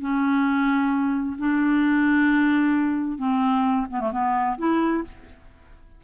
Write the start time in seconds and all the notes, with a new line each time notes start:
0.00 C#4
1.38 D4
3.18 C4
3.90 B3
4.00 A3
4.12 B3
4.58 E4